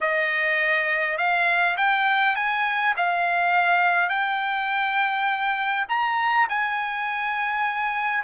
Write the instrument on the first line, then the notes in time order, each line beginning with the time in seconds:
trumpet
0.01 D#5
1.17 F5
1.77 G5
2.35 G#5
2.96 F5
4.09 G5
5.88 A#5
6.49 G#5